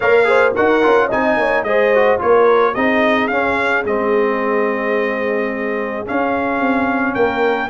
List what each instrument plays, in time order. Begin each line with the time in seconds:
0.00 tuba A#3, trombone A#4, horn C#5, trumpet F5
0.24 trombone G#4, horn C5
0.55 tuba D#4, trombone F#4, horn A#4, trumpet F#5
0.82 tuba C#4, trombone F4
1.06 tuba C4, trombone D#4, horn D#5, trumpet G#5
1.37 tuba A#3, horn C#5
1.63 tuba G#3, trombone G#4, horn C5, trumpet D#5
1.94 trombone F#4
2.18 tuba A#3, trombone F4, horn A#4, trumpet C#5
2.74 tuba C4, trombone D#4, horn G#4, trumpet D#5
3.27 tuba C#4, trombone C#4, trumpet F5
3.84 tuba G#3, trombone C4, trumpet D#5
6.05 trombone C#4, tuba C#4, trumpet F5
6.60 tuba C4
7.14 tuba A#3, horn A#4, trumpet G5